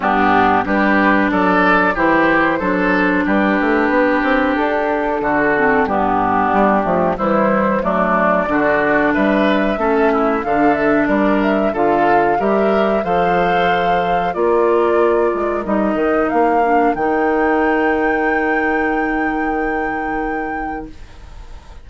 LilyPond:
<<
  \new Staff \with { instrumentName = "flute" } { \time 4/4 \tempo 4 = 92 g'4 b'4 d''4 c''4~ | c''4 b'2 a'4~ | a'4 g'2 c''4 | d''2 e''2 |
f''8 e''8 d''8 e''8 f''4 e''4 | f''2 d''2 | dis''4 f''4 g''2~ | g''1 | }
  \new Staff \with { instrumentName = "oboe" } { \time 4/4 d'4 g'4 a'4 g'4 | a'4 g'2. | fis'4 d'2 e'4 | d'4 fis'4 b'4 a'8 e'8 |
a'4 ais'4 a'4 ais'4 | c''2 ais'2~ | ais'1~ | ais'1 | }
  \new Staff \with { instrumentName = "clarinet" } { \time 4/4 b4 d'2 e'4 | d'1~ | d'8 c'8 b4. a8 g4 | a4 d'2 cis'4 |
d'2 f'4 g'4 | a'2 f'2 | dis'4. d'8 dis'2~ | dis'1 | }
  \new Staff \with { instrumentName = "bassoon" } { \time 4/4 g,4 g4 fis4 e4 | fis4 g8 a8 b8 c'8 d'4 | d4 g,4 g8 f8 e4 | fis4 d4 g4 a4 |
d4 g4 d4 g4 | f2 ais4. gis8 | g8 dis8 ais4 dis2~ | dis1 | }
>>